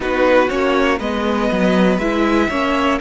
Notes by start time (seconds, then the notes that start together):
0.00 B3 D#4 F#4 B4
0.49 A#3 C#4 C#5
0.98 G#3 B3 B4 D#5
1.51 F#3
1.98 G#3 E4 E5
2.49 A#3 C#4 C#5